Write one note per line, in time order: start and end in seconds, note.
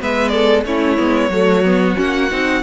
0.00 0.65 G#3
0.00 0.66 B3
0.00 0.32 B4
0.00 0.29 E5
0.29 0.65 A4
0.29 0.62 D5
0.65 0.98 A3
0.65 0.98 C#4
0.65 1.32 E4
0.65 1.98 C#5
0.98 1.30 G#3
0.98 1.31 B3
1.30 1.96 F#3
1.30 1.64 A3
1.30 2.63 F#4
1.64 1.96 B3
1.96 2.32 A#3
1.96 2.29 C#4
1.96 2.63 F#5
2.31 2.63 C4
2.31 2.63 D#4